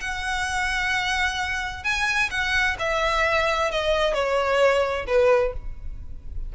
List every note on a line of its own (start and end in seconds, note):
0.00 1.84 F#5
1.84 2.30 G#5
2.30 2.77 F#5
2.79 3.71 E5
3.71 4.13 D#5
4.13 5.06 C#5
5.07 5.53 B4